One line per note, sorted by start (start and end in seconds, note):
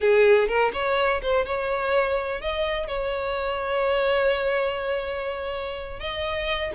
0.00 0.47 G#4
0.47 0.71 A#4
0.73 1.21 C#5
1.22 1.45 C5
1.45 2.41 C#5
2.41 2.87 D#5
2.87 5.99 C#5
5.99 6.71 D#5